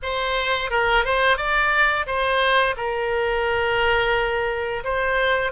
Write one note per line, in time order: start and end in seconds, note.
0.02 0.70 C5
0.70 1.04 A#4
1.04 1.37 C5
1.37 2.06 D5
2.06 2.75 C5
2.76 4.83 A#4
4.84 5.52 C5